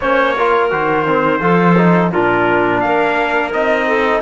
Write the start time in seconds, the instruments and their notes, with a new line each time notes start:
0.00 cello A#3, trombone C#4, clarinet C5, trumpet C#5
0.35 trombone F4, clarinet A#4
0.70 cello D#3, trombone F#4, trumpet C5
1.06 trombone C4
1.39 cello F3, trombone F4, clarinet A4
1.77 trombone D#4
2.11 cello A#2, trombone D4, clarinet F4, trumpet A#4
2.80 cello A#3, clarinet A#4, trumpet F5
3.52 cello C4, trombone D#4, trumpet D#5
3.87 clarinet A4